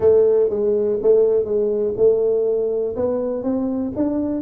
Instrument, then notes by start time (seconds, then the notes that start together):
tuba
0.00 A3
0.49 G#3
1.02 A3
1.44 G#3
1.96 A3
2.96 B3
3.43 C4
3.95 D4